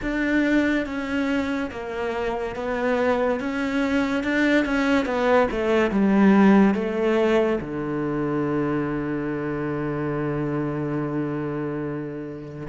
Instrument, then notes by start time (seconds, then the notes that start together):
cello
0.02 D4
0.86 C#4
1.71 A#3
2.55 B3
3.40 C#4
4.23 D4
4.65 C#4
5.05 B3
5.51 A3
5.90 G3
6.74 A3
7.60 D3